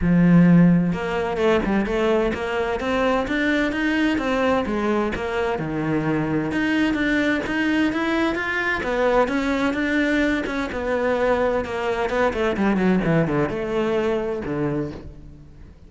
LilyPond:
\new Staff \with { instrumentName = "cello" } { \time 4/4 \tempo 4 = 129 f2 ais4 a8 g8 | a4 ais4 c'4 d'4 | dis'4 c'4 gis4 ais4 | dis2 dis'4 d'4 |
dis'4 e'4 f'4 b4 | cis'4 d'4. cis'8 b4~ | b4 ais4 b8 a8 g8 fis8 | e8 d8 a2 d4 | }